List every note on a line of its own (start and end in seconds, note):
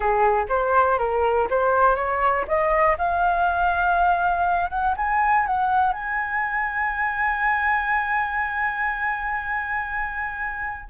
0.00 0.45 G#4
0.48 0.98 C5
0.98 1.47 A#4
1.50 1.95 C5
1.95 2.45 C#5
2.47 2.97 D#5
2.98 4.70 F5
4.70 4.95 F#5
4.97 5.46 G#5
5.46 5.93 F#5
5.93 10.88 G#5